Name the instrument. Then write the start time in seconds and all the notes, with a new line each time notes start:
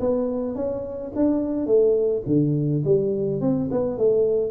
tuba
0.00 B3
0.55 C#4
1.16 D4
1.66 A3
2.26 D3
2.84 G3
3.41 C4
3.71 B3
3.98 A3